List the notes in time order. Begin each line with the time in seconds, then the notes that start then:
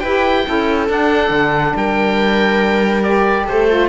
0.00 E4 G4 B4 G5
0.46 C#4 E4 A4
0.88 D4 F#5
1.30 D3
1.76 G3 A#4 G5
3.04 G4 D5
3.46 A3 A4 C5
3.69 F4